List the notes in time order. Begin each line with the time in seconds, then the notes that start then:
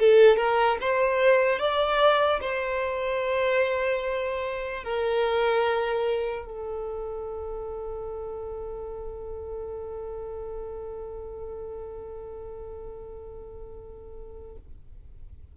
0.00 A4
0.37 A#4
0.81 C5
1.59 D5
2.41 C5
4.84 A#4
6.46 A4